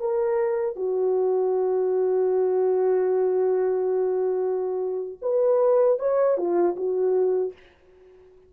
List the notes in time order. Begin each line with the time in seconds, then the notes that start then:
0.00 A#4
0.76 F#4
5.22 B4
5.99 C#5
6.38 F4
6.76 F#4